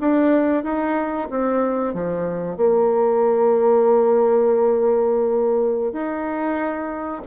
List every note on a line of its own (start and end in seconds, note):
0.00 0.63 D4
0.63 1.28 D#4
1.30 1.94 C4
1.94 2.57 F3
2.57 5.93 A#3
5.93 7.22 D#4